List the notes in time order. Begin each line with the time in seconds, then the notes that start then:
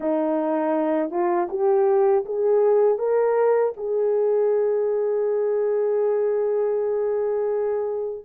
0.00 D#4
1.10 F4
1.49 G4
2.25 G#4
2.98 A#4
3.76 G#4